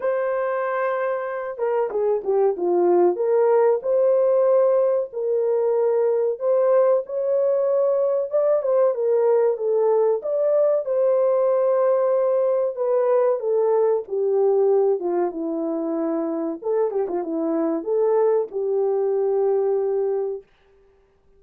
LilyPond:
\new Staff \with { instrumentName = "horn" } { \time 4/4 \tempo 4 = 94 c''2~ c''8 ais'8 gis'8 g'8 | f'4 ais'4 c''2 | ais'2 c''4 cis''4~ | cis''4 d''8 c''8 ais'4 a'4 |
d''4 c''2. | b'4 a'4 g'4. f'8 | e'2 a'8 g'16 f'16 e'4 | a'4 g'2. | }